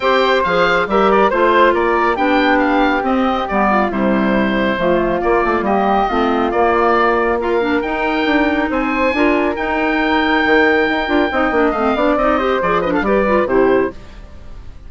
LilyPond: <<
  \new Staff \with { instrumentName = "oboe" } { \time 4/4 \tempo 4 = 138 g''4 f''4 e''8 d''8 c''4 | d''4 g''4 f''4 dis''4 | d''4 c''2. | d''4 dis''2 d''4~ |
d''4 f''4 g''2 | gis''2 g''2~ | g''2. f''4 | dis''4 d''8 dis''16 f''16 d''4 c''4 | }
  \new Staff \with { instrumentName = "flute" } { \time 4/4 c''2 ais'4 c''4 | ais'4 g'2.~ | g'8 f'8 e'2 f'4~ | f'4 g'4 f'2~ |
f'4 ais'2. | c''4 ais'2.~ | ais'2 dis''4. d''8~ | d''8 c''4 b'16 a'16 b'4 g'4 | }
  \new Staff \with { instrumentName = "clarinet" } { \time 4/4 g'4 gis'4 g'4 f'4~ | f'4 d'2 c'4 | b4 g2 a4 | ais2 c'4 ais4~ |
ais4 f'8 d'8 dis'2~ | dis'4 f'4 dis'2~ | dis'4. f'8 dis'8 d'8 c'8 d'8 | dis'8 g'8 gis'8 d'8 g'8 f'8 e'4 | }
  \new Staff \with { instrumentName = "bassoon" } { \time 4/4 c'4 f4 g4 a4 | ais4 b2 c'4 | g4 c2 f4 | ais8 a8 g4 a4 ais4~ |
ais2 dis'4 d'4 | c'4 d'4 dis'2 | dis4 dis'8 d'8 c'8 ais8 a8 b8 | c'4 f4 g4 c4 | }
>>